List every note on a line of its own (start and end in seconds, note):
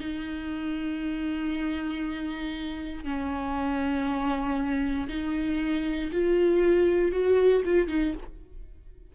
0.00 3.04 D#4
3.04 5.08 C#4
5.08 6.10 D#4
6.12 7.12 F4
7.12 7.63 F#4
7.65 7.88 F4
7.88 8.13 D#4